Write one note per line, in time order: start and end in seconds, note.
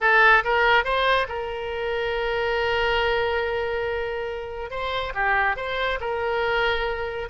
0.00 0.43 A4
0.44 0.84 A#4
0.84 1.27 C5
1.28 4.70 A#4
4.70 5.13 C5
5.14 5.56 G4
5.56 5.99 C5
6.00 7.29 A#4